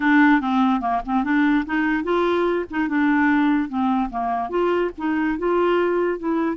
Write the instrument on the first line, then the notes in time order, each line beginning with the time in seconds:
clarinet
0.00 D4
0.40 C4
0.80 A#3
1.05 C4
1.23 D4
1.65 D#4
2.03 F4
2.70 D#4
2.88 D4
3.68 C4
4.10 A#3
4.49 F4
4.97 D#4
5.38 F4
6.18 E4